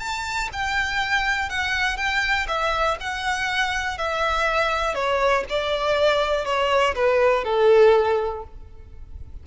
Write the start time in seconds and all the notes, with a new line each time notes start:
0.00 A5
0.53 G5
1.50 F#5
1.97 G5
2.48 E5
3.00 F#5
3.98 E5
4.95 C#5
5.50 D5
6.46 C#5
6.95 B4
7.44 A4